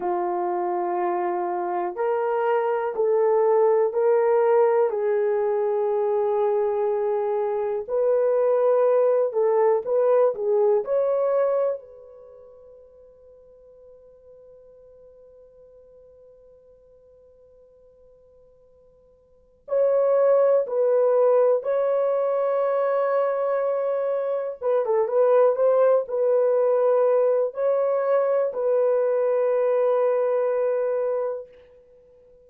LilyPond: \new Staff \with { instrumentName = "horn" } { \time 4/4 \tempo 4 = 61 f'2 ais'4 a'4 | ais'4 gis'2. | b'4. a'8 b'8 gis'8 cis''4 | b'1~ |
b'1 | cis''4 b'4 cis''2~ | cis''4 b'16 a'16 b'8 c''8 b'4. | cis''4 b'2. | }